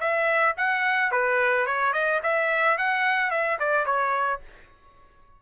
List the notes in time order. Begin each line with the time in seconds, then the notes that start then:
0.00 E5
0.57 F#5
1.11 B4
1.66 C#5
1.93 D#5
2.23 E5
2.77 F#5
3.30 E5
3.59 D5
3.85 C#5